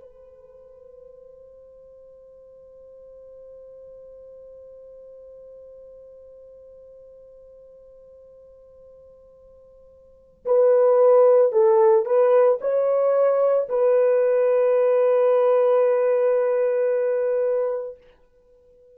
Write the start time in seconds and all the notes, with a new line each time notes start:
0.00 C5
10.45 B4
11.52 A4
12.05 B4
12.60 C#5
13.69 B4